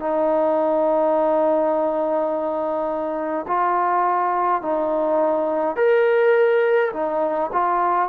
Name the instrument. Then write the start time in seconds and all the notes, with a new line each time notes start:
trombone
0.00 D#4
3.48 F4
4.62 D#4
5.77 A#4
6.93 D#4
7.53 F4